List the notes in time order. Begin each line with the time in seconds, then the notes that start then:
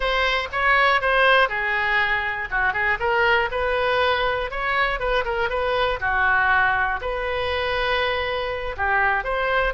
0.00 C5
0.52 C#5
1.01 C5
1.48 G#4
2.50 F#4
2.73 G#4
2.99 A#4
3.51 B4
4.50 C#5
4.99 B4
5.25 A#4
5.49 B4
6.00 F#4
7.01 B4
8.76 G4
9.23 C5